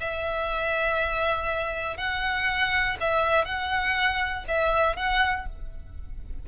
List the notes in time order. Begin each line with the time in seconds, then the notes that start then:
0.00 E5
1.97 F#5
3.00 E5
3.45 F#5
4.47 E5
4.96 F#5